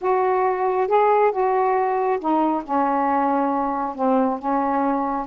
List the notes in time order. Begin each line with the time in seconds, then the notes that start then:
0.01 F#4
0.87 G#4
1.31 F#4
2.19 D#4
2.64 C#4
3.95 C4
4.38 C#4